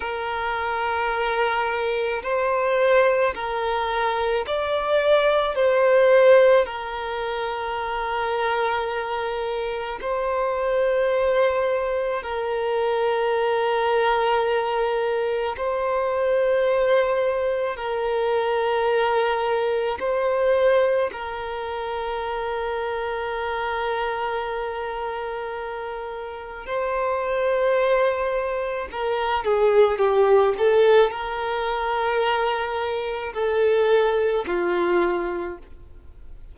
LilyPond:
\new Staff \with { instrumentName = "violin" } { \time 4/4 \tempo 4 = 54 ais'2 c''4 ais'4 | d''4 c''4 ais'2~ | ais'4 c''2 ais'4~ | ais'2 c''2 |
ais'2 c''4 ais'4~ | ais'1 | c''2 ais'8 gis'8 g'8 a'8 | ais'2 a'4 f'4 | }